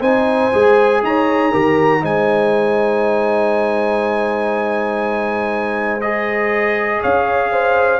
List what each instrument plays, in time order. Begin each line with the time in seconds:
0.00 tuba C4, trombone D#4, horn C5, trumpet G#5
0.53 tuba G#3, trombone G#4
1.03 tuba D#4, horn C#5, trumpet A#5
1.52 tuba D#3, trombone G4, horn A#4
2.01 tuba G#3, trombone D#4, horn C5, trumpet G#5
6.01 trombone G#4, trumpet D#5
7.01 tuba C#4, horn C#5, trumpet F5
7.52 horn C5